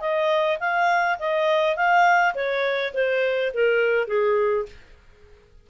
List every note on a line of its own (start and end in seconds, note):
0.00 0.58 D#5
0.60 1.18 F5
1.19 1.76 D#5
1.76 2.35 F5
2.35 2.93 C#5
2.94 3.52 C5
3.54 4.08 A#4
4.08 4.66 G#4